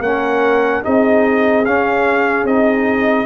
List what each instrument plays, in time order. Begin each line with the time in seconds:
0.00 tuba A#3, trombone C#4, horn A#4, trumpet F#5
0.83 tuba C4, trombone D#4, horn G#4, trumpet D#5
1.65 tuba C#4, trombone C#4, trumpet F5
2.44 tuba C4, trombone D#4, trumpet D#5